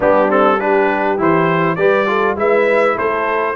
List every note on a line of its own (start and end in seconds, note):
0.00 1.18 G3
0.00 0.29 B3
0.00 0.58 D4
0.00 0.30 G4
0.29 0.58 C4
0.29 0.59 A4
0.59 1.17 D4
0.59 1.77 G4
0.59 1.19 B4
1.17 1.77 E3
1.17 1.77 E4
1.17 1.75 C5
1.75 2.36 G3
1.75 2.06 G4
1.75 2.07 B4
1.75 2.35 D5
2.06 2.36 F4
2.06 2.37 A4
2.36 2.95 G#3
2.36 3.55 E4
2.36 2.95 B4
2.36 2.97 E5
2.95 3.55 A3
2.95 3.55 A4
2.95 3.55 C5